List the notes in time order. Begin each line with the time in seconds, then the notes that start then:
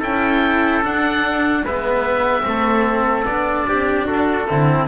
0.00 C#4 E4 A4 G5
0.83 D4 F#5
1.64 G#3 B3 B4 E5
2.43 A3 C4 A4
3.26 B3 D4 D5
3.69 C4 G4
4.05 D4 F#4 A4
4.48 D3 C4 E4